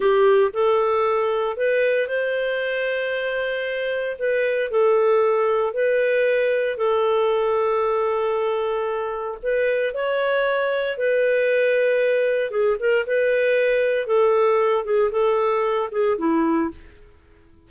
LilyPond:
\new Staff \with { instrumentName = "clarinet" } { \time 4/4 \tempo 4 = 115 g'4 a'2 b'4 | c''1 | b'4 a'2 b'4~ | b'4 a'2.~ |
a'2 b'4 cis''4~ | cis''4 b'2. | gis'8 ais'8 b'2 a'4~ | a'8 gis'8 a'4. gis'8 e'4 | }